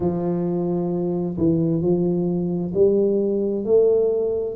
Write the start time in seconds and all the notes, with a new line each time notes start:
0.00 F3
1.37 E3
1.81 F3
2.74 G3
3.64 A3